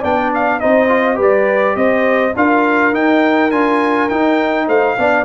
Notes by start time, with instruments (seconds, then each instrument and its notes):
0.00 tuba B3, trombone D4, horn D5, trumpet G5
0.34 trumpet F5
0.60 tuba C4, trombone D#4, horn C5, trumpet D#5
0.88 trombone F4
1.15 tuba G3, trombone G4, horn B4
1.21 trumpet D5
1.75 tuba C4, horn C5, trumpet D#5
2.35 tuba D4, trombone F4, horn A#4, trumpet F5
2.93 trombone D#4, tuba D#4, trumpet G5
3.51 tuba D4, trombone F4, trumpet G#5
4.09 trombone D#4, tuba D#4, trumpet G5
4.67 tuba A3, horn C5, trumpet F5
4.98 tuba B3, trombone D4, horn D5